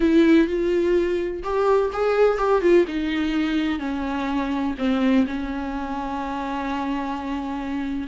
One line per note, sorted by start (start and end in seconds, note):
0.00 0.47 E4
0.47 1.42 F4
1.43 1.90 G4
1.92 2.37 G#4
2.37 2.61 G4
2.61 2.85 F4
2.87 3.79 D#4
3.79 4.74 C#4
4.78 5.26 C4
5.26 8.07 C#4